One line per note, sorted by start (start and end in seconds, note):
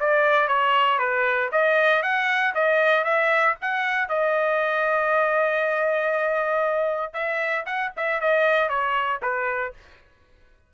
0.00 0.48 D5
0.48 0.99 C#5
0.99 1.50 B4
1.52 2.03 D#5
2.03 2.54 F#5
2.55 3.05 D#5
3.05 3.56 E5
3.62 4.09 F#5
4.09 7.14 D#5
7.14 7.65 E5
7.66 7.92 F#5
7.97 8.21 E5
8.21 8.69 D#5
8.69 9.21 C#5
9.22 9.74 B4